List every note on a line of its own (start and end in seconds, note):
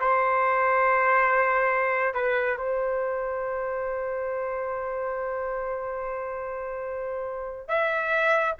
0.00 2.14 C5
2.14 2.57 B4
2.58 7.68 C5
7.68 8.54 E5